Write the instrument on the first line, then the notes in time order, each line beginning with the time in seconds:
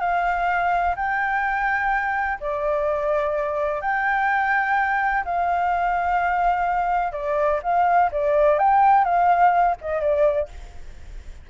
flute
0.00 F5
0.96 G5
2.40 D5
3.81 G5
5.25 F5
7.13 D5
7.63 F5
8.11 D5
8.59 G5
9.04 F5
9.81 D#5
10.01 D5